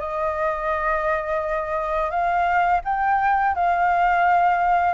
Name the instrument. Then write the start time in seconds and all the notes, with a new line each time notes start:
flute
0.00 D#5
2.11 F5
2.85 G5
3.55 F5